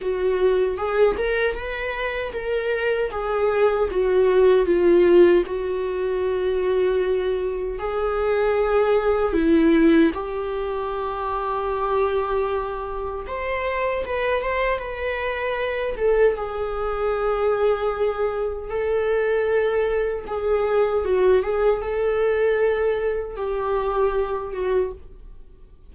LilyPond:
\new Staff \with { instrumentName = "viola" } { \time 4/4 \tempo 4 = 77 fis'4 gis'8 ais'8 b'4 ais'4 | gis'4 fis'4 f'4 fis'4~ | fis'2 gis'2 | e'4 g'2.~ |
g'4 c''4 b'8 c''8 b'4~ | b'8 a'8 gis'2. | a'2 gis'4 fis'8 gis'8 | a'2 g'4. fis'8 | }